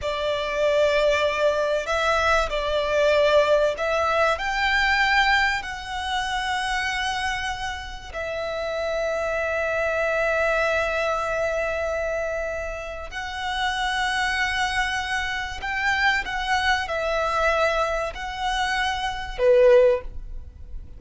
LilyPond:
\new Staff \with { instrumentName = "violin" } { \time 4/4 \tempo 4 = 96 d''2. e''4 | d''2 e''4 g''4~ | g''4 fis''2.~ | fis''4 e''2.~ |
e''1~ | e''4 fis''2.~ | fis''4 g''4 fis''4 e''4~ | e''4 fis''2 b'4 | }